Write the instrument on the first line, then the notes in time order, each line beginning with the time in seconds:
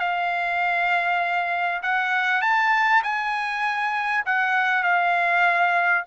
trumpet
0.00 F5
1.83 F#5
2.42 A5
3.03 G#5
4.26 F#5
4.83 F5